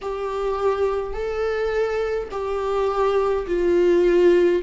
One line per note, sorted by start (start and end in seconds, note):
0.01 1.13 G4
1.13 2.28 A4
2.31 3.46 G4
3.46 4.62 F4